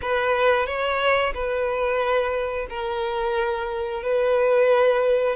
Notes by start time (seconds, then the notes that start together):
0.02 B4
0.66 C#5
1.33 B4
2.69 A#4
4.02 B4